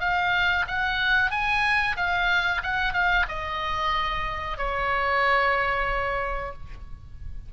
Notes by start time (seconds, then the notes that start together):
0.00 F5
0.68 F#5
1.31 G#5
1.96 F5
2.63 F#5
2.93 F5
3.28 D#5
4.58 C#5